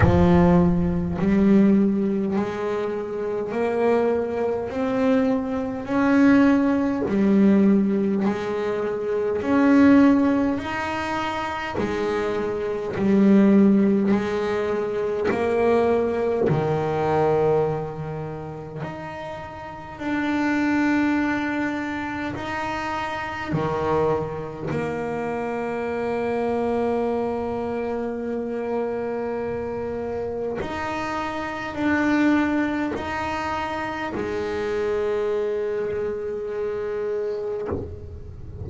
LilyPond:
\new Staff \with { instrumentName = "double bass" } { \time 4/4 \tempo 4 = 51 f4 g4 gis4 ais4 | c'4 cis'4 g4 gis4 | cis'4 dis'4 gis4 g4 | gis4 ais4 dis2 |
dis'4 d'2 dis'4 | dis4 ais2.~ | ais2 dis'4 d'4 | dis'4 gis2. | }